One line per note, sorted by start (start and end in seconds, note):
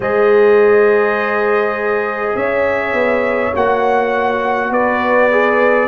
0.00 2.34 G#3
0.00 3.53 G#4
0.00 2.35 C5
0.00 2.36 D#5
2.35 2.93 C#4
2.35 4.71 C#5
2.35 3.53 E5
2.93 3.51 B3
3.54 4.70 A#3
3.54 5.31 F#4
3.54 4.72 F#5
4.70 5.87 B3
4.70 5.87 B4
4.70 5.87 D5
5.31 5.87 G#4